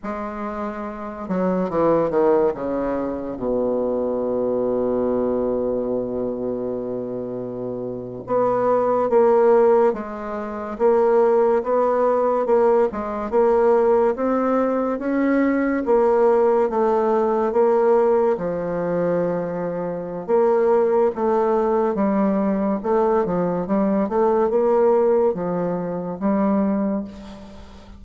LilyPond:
\new Staff \with { instrumentName = "bassoon" } { \time 4/4 \tempo 4 = 71 gis4. fis8 e8 dis8 cis4 | b,1~ | b,4.~ b,16 b4 ais4 gis16~ | gis8. ais4 b4 ais8 gis8 ais16~ |
ais8. c'4 cis'4 ais4 a16~ | a8. ais4 f2~ f16 | ais4 a4 g4 a8 f8 | g8 a8 ais4 f4 g4 | }